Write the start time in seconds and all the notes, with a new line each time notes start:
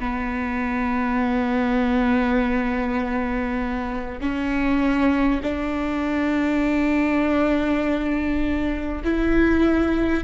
0.00 B3
4.21 C#4
5.42 D4
9.04 E4